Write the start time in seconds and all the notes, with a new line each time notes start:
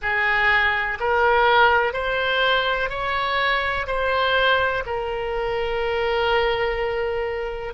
0.01 G#4
0.99 A#4
1.93 C5
2.89 C#5
3.87 C5
4.86 A#4